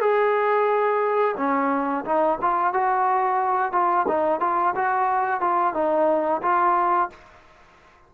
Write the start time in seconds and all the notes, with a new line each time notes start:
0.00 G#4
1.37 C#4
2.05 D#4
2.41 F4
2.73 F#4
3.72 F4
4.07 D#4
4.40 F4
4.75 F#4
5.40 F4
5.74 D#4
6.42 F4